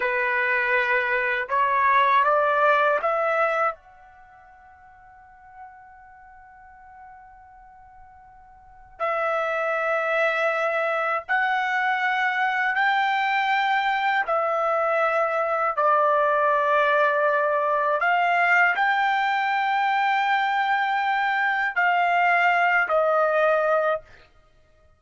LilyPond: \new Staff \with { instrumentName = "trumpet" } { \time 4/4 \tempo 4 = 80 b'2 cis''4 d''4 | e''4 fis''2.~ | fis''1 | e''2. fis''4~ |
fis''4 g''2 e''4~ | e''4 d''2. | f''4 g''2.~ | g''4 f''4. dis''4. | }